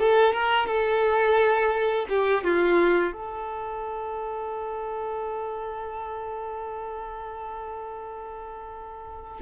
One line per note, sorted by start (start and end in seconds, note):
0.00 0.33 A4
0.33 0.67 A#4
0.67 2.07 A4
2.09 2.44 G4
2.44 3.13 F4
3.13 9.41 A4